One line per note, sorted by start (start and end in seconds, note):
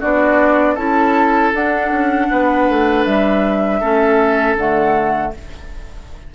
0.00 0.76 B3
0.00 0.77 D4
0.00 0.74 F#4
0.00 0.75 D5
0.74 1.52 C#4
0.74 1.53 E4
0.74 2.26 A4
0.74 1.51 A5
1.54 1.90 D4
1.54 3.82 D4
1.54 3.05 F#5
1.90 2.28 C#4
2.31 2.69 B3
2.31 3.80 B4
2.69 3.05 A3
3.05 3.81 G3
3.05 4.56 E5
3.80 4.55 A3
3.80 4.58 C#4
3.80 5.32 A4
4.55 5.31 D3
4.55 5.34 A3
4.55 5.33 F#5